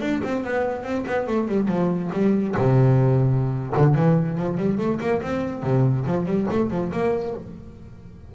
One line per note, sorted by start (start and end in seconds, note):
0.00 0.21 D4
0.23 0.44 C4
0.44 0.83 B3
0.83 1.04 C4
1.06 1.27 B3
1.27 1.48 A3
1.48 1.68 G3
1.68 2.10 F3
2.13 2.55 G3
2.56 3.73 C3
3.76 3.95 D3
3.95 4.37 E3
4.38 4.57 F3
4.57 4.78 G3
4.78 4.99 A3
5.00 5.21 A#3
5.22 5.62 C4
5.62 6.05 C3
6.06 6.26 F3
6.26 6.47 G3
6.50 6.70 A3
6.70 6.91 F3
6.91 7.34 A#3